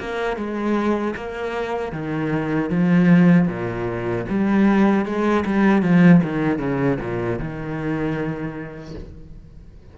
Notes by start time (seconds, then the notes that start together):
0.00 A#3
0.37 G#3
1.16 A#3
1.93 D#3
2.70 F3
3.48 A#2
4.30 G3
5.06 G#3
5.46 G3
5.83 F3
6.23 D#3
6.59 C#3
7.01 A#2
7.40 D#3